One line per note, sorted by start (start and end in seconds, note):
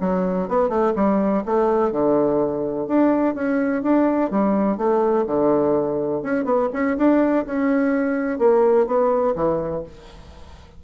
0.00 0.48 F#3
0.48 0.69 B3
0.69 0.93 A3
0.95 1.43 G3
1.45 1.91 A3
1.91 2.87 D3
2.87 3.34 D4
3.34 3.82 C#4
3.82 4.30 D4
4.30 4.77 G3
4.77 5.25 A3
5.26 6.22 D3
6.22 6.45 C#4
6.45 6.69 B3
6.72 6.96 C#4
6.97 7.45 D4
7.46 8.38 C#4
8.38 8.86 A#3
8.86 9.34 B3
9.35 9.83 E3